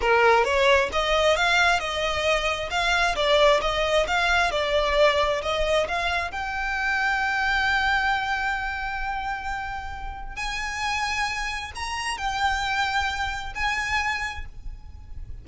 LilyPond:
\new Staff \with { instrumentName = "violin" } { \time 4/4 \tempo 4 = 133 ais'4 cis''4 dis''4 f''4 | dis''2 f''4 d''4 | dis''4 f''4 d''2 | dis''4 f''4 g''2~ |
g''1~ | g''2. gis''4~ | gis''2 ais''4 g''4~ | g''2 gis''2 | }